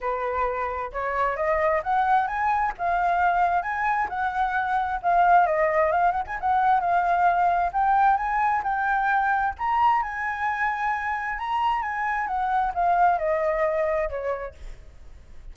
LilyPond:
\new Staff \with { instrumentName = "flute" } { \time 4/4 \tempo 4 = 132 b'2 cis''4 dis''4 | fis''4 gis''4 f''2 | gis''4 fis''2 f''4 | dis''4 f''8 fis''16 gis''16 fis''4 f''4~ |
f''4 g''4 gis''4 g''4~ | g''4 ais''4 gis''2~ | gis''4 ais''4 gis''4 fis''4 | f''4 dis''2 cis''4 | }